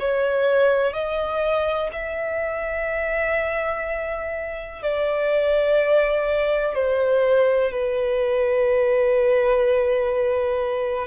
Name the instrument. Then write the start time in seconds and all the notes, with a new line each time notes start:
violin
0.00 C#5
0.94 D#5
1.93 E5
4.83 D5
6.75 C5
7.72 B4